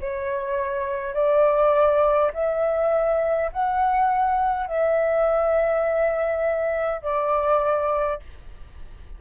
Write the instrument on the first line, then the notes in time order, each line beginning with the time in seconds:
flute
0.00 C#5
1.13 D5
2.33 E5
3.52 F#5
4.66 E5
7.02 D5